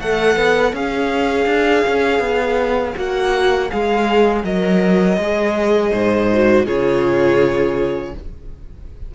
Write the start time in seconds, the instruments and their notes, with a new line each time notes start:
0.00 cello A3, viola A4, violin C#5 F#5
0.37 cello B3
0.73 cello C#4, viola G#4, violin F5
1.46 cello D4
1.87 cello C#4
2.20 cello B3
2.94 cello A#3, viola F#4, violin F#5
3.70 cello G#3, viola G#4, violin F5
4.44 cello F#3, viola A#4, violin D#5
5.17 cello G#3, viola G#4
5.92 cello G#2, violin C5
6.33 viola F#4
6.65 cello C#3, viola F4, violin G#4 C#5